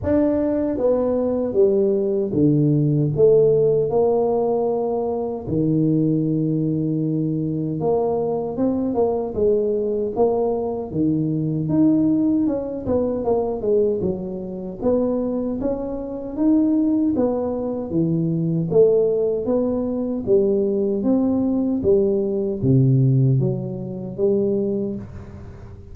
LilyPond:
\new Staff \with { instrumentName = "tuba" } { \time 4/4 \tempo 4 = 77 d'4 b4 g4 d4 | a4 ais2 dis4~ | dis2 ais4 c'8 ais8 | gis4 ais4 dis4 dis'4 |
cis'8 b8 ais8 gis8 fis4 b4 | cis'4 dis'4 b4 e4 | a4 b4 g4 c'4 | g4 c4 fis4 g4 | }